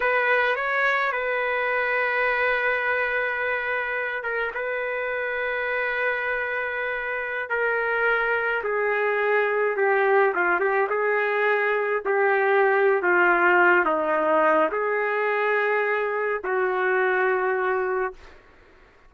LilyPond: \new Staff \with { instrumentName = "trumpet" } { \time 4/4 \tempo 4 = 106 b'4 cis''4 b'2~ | b'2.~ b'8 ais'8 | b'1~ | b'4~ b'16 ais'2 gis'8.~ |
gis'4~ gis'16 g'4 f'8 g'8 gis'8.~ | gis'4~ gis'16 g'4.~ g'16 f'4~ | f'8 dis'4. gis'2~ | gis'4 fis'2. | }